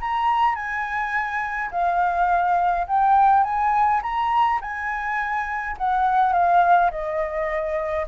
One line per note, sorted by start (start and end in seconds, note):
0.00 0.55 A#5
0.55 1.70 G#5
1.71 2.87 F5
2.87 3.44 G5
3.44 4.01 G#5
4.02 4.60 A#5
4.61 5.76 G#5
5.77 6.33 F#5
6.33 6.90 F5
6.91 8.06 D#5